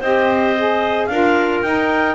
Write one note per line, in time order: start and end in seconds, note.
0.00 1.08 C4
0.00 0.57 G4
0.00 1.07 C5
0.00 1.06 D#5
0.57 1.11 G#4
1.06 1.62 D4
1.06 1.65 F4
1.06 2.16 A#4
1.06 1.59 F5
1.62 2.16 D#4
1.62 2.16 G5